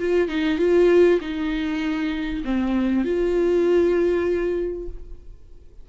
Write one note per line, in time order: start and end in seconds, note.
0.00 0.29 F4
0.29 0.58 D#4
0.58 1.20 F4
1.21 2.44 D#4
2.45 3.05 C4
3.05 4.88 F4